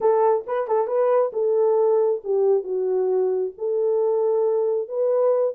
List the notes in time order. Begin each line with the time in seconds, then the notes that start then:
0.00 A4
0.46 B4
0.67 A4
0.87 B4
1.33 A4
2.24 G4
2.63 F#4
3.58 A4
4.88 B4